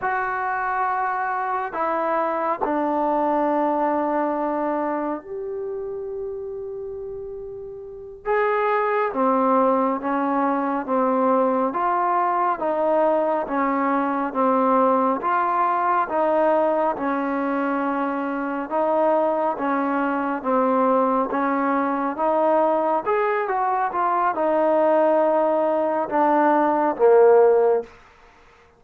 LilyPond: \new Staff \with { instrumentName = "trombone" } { \time 4/4 \tempo 4 = 69 fis'2 e'4 d'4~ | d'2 g'2~ | g'4. gis'4 c'4 cis'8~ | cis'8 c'4 f'4 dis'4 cis'8~ |
cis'8 c'4 f'4 dis'4 cis'8~ | cis'4. dis'4 cis'4 c'8~ | c'8 cis'4 dis'4 gis'8 fis'8 f'8 | dis'2 d'4 ais4 | }